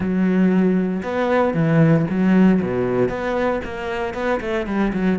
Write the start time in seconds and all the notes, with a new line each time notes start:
0.00 F#3
1.02 B3
1.54 E3
2.09 F#3
2.61 B2
3.08 B3
3.64 A#3
4.14 B3
4.40 A3
4.66 G3
4.93 F#3